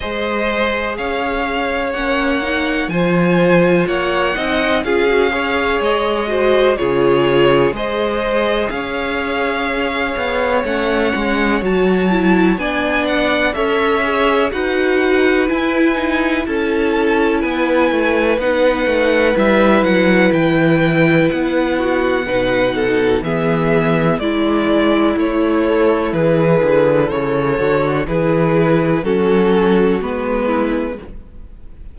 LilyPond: <<
  \new Staff \with { instrumentName = "violin" } { \time 4/4 \tempo 4 = 62 dis''4 f''4 fis''4 gis''4 | fis''4 f''4 dis''4 cis''4 | dis''4 f''2 fis''4 | a''4 gis''8 fis''8 e''4 fis''4 |
gis''4 a''4 gis''4 fis''4 | e''8 fis''8 g''4 fis''2 | e''4 d''4 cis''4 b'4 | cis''4 b'4 a'4 b'4 | }
  \new Staff \with { instrumentName = "violin" } { \time 4/4 c''4 cis''2 c''4 | cis''8 dis''8 gis'8 cis''4 c''8 gis'4 | c''4 cis''2.~ | cis''4 d''4 cis''4 b'4~ |
b'4 a'4 b'2~ | b'2~ b'8 fis'8 b'8 a'8 | gis'4 e'2.~ | e'8 fis'8 gis'4 fis'4. e'8 | }
  \new Staff \with { instrumentName = "viola" } { \time 4/4 gis'2 cis'8 dis'8 f'4~ | f'8 dis'8 f'16 fis'16 gis'4 fis'8 f'4 | gis'2. cis'4 | fis'8 e'8 d'4 a'8 gis'8 fis'4 |
e'8 dis'8 e'2 dis'4 | e'2. dis'4 | b4 e'4. a'8 gis'4 | a'4 e'4 cis'4 b4 | }
  \new Staff \with { instrumentName = "cello" } { \time 4/4 gis4 cis'4 ais4 f4 | ais8 c'8 cis'4 gis4 cis4 | gis4 cis'4. b8 a8 gis8 | fis4 b4 cis'4 dis'4 |
e'4 cis'4 b8 a8 b8 a8 | g8 fis8 e4 b4 b,4 | e4 gis4 a4 e8 d8 | cis8 d8 e4 fis4 gis4 | }
>>